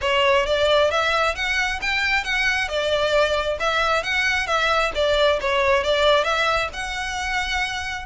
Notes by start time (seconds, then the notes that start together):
0.01 C#5
0.46 D5
0.91 E5
1.35 F#5
1.81 G5
2.23 F#5
2.68 D5
3.59 E5
4.03 F#5
4.46 E5
4.95 D5
5.40 C#5
5.83 D5
6.23 E5
6.73 F#5